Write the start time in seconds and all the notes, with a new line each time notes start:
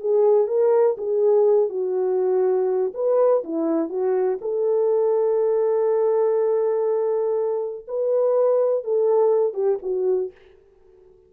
0.00 G#4
0.47 A#4
0.98 G#4
1.69 F#4
2.94 B4
3.44 E4
3.89 F#4
4.41 A4
7.88 B4
8.84 A4
9.54 G4
9.82 F#4